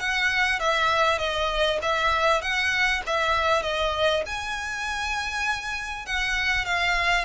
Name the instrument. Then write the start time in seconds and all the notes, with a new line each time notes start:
violin
0.00 F#5
0.60 E5
1.19 D#5
1.82 E5
2.42 F#5
3.07 E5
3.63 D#5
4.26 G#5
6.06 F#5
6.65 F5